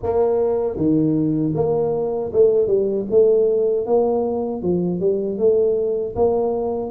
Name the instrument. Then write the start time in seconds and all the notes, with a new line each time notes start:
tuba
0.02 A#3
0.76 D#3
1.54 A#3
2.33 A3
2.67 G3
3.10 A3
3.86 A#3
4.62 F3
5.00 G3
5.38 A3
6.15 A#3